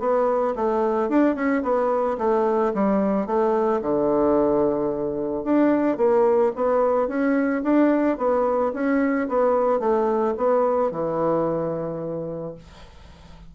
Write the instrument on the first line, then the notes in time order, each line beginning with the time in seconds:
bassoon
0.00 B3
0.56 A3
1.09 D4
1.35 C#4
1.63 B3
2.18 A3
2.74 G3
3.27 A3
3.82 D3
5.44 D4
5.98 A#3
6.56 B3
7.08 C#4
7.63 D4
8.18 B3
8.74 C#4
9.29 B3
9.80 A3
10.38 B3
10.91 E3